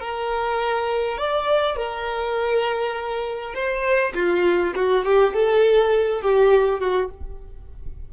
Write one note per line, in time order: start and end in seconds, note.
0.00 1.17 A#4
1.17 1.76 D5
1.76 3.54 A#4
3.54 4.13 C5
4.14 4.74 F4
4.75 5.05 F#4
5.05 5.33 G4
5.33 6.22 A4
6.22 6.80 G4
6.80 7.09 F#4